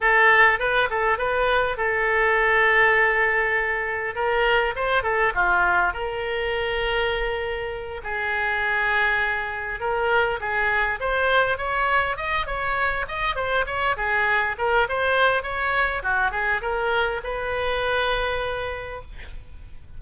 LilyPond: \new Staff \with { instrumentName = "oboe" } { \time 4/4 \tempo 4 = 101 a'4 b'8 a'8 b'4 a'4~ | a'2. ais'4 | c''8 a'8 f'4 ais'2~ | ais'4. gis'2~ gis'8~ |
gis'8 ais'4 gis'4 c''4 cis''8~ | cis''8 dis''8 cis''4 dis''8 c''8 cis''8 gis'8~ | gis'8 ais'8 c''4 cis''4 fis'8 gis'8 | ais'4 b'2. | }